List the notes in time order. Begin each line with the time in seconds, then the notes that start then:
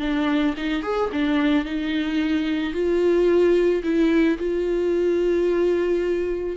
0.00 D4
0.57 D#4
0.83 G#4
1.12 D4
1.65 D#4
2.73 F4
3.83 E4
4.38 F4